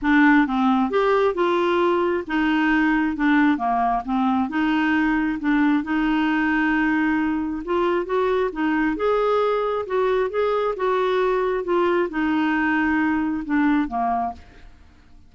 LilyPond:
\new Staff \with { instrumentName = "clarinet" } { \time 4/4 \tempo 4 = 134 d'4 c'4 g'4 f'4~ | f'4 dis'2 d'4 | ais4 c'4 dis'2 | d'4 dis'2.~ |
dis'4 f'4 fis'4 dis'4 | gis'2 fis'4 gis'4 | fis'2 f'4 dis'4~ | dis'2 d'4 ais4 | }